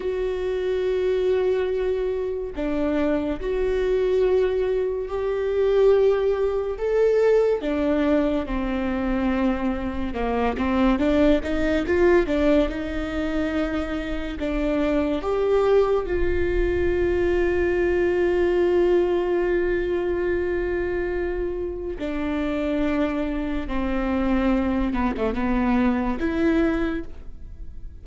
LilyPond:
\new Staff \with { instrumentName = "viola" } { \time 4/4 \tempo 4 = 71 fis'2. d'4 | fis'2 g'2 | a'4 d'4 c'2 | ais8 c'8 d'8 dis'8 f'8 d'8 dis'4~ |
dis'4 d'4 g'4 f'4~ | f'1~ | f'2 d'2 | c'4. b16 a16 b4 e'4 | }